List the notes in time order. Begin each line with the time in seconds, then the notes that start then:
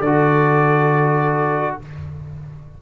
0.00 D3 F#4 A4 D5